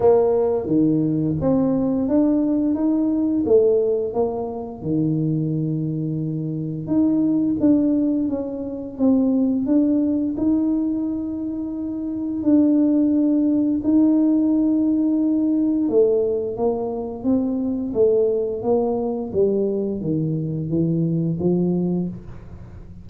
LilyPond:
\new Staff \with { instrumentName = "tuba" } { \time 4/4 \tempo 4 = 87 ais4 dis4 c'4 d'4 | dis'4 a4 ais4 dis4~ | dis2 dis'4 d'4 | cis'4 c'4 d'4 dis'4~ |
dis'2 d'2 | dis'2. a4 | ais4 c'4 a4 ais4 | g4 dis4 e4 f4 | }